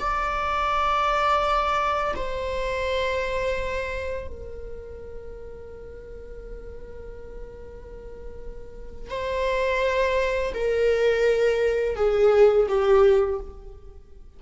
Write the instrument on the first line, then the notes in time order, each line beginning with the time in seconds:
viola
0.00 D5
2.16 C5
4.28 A#4
9.10 C5
10.54 A#4
11.96 G#4
12.69 G4